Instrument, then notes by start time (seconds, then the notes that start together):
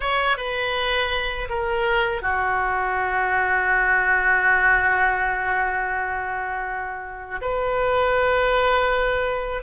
oboe
0.00 C#5
0.37 B4
1.48 A#4
2.22 F#4
7.41 B4